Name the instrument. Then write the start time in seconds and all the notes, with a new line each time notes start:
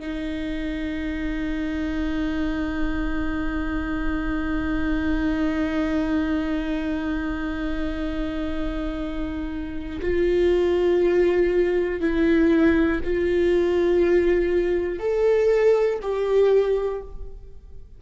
viola
0.00 D#4
10.01 F4
12.01 E4
13.05 F4
15.00 A4
16.02 G4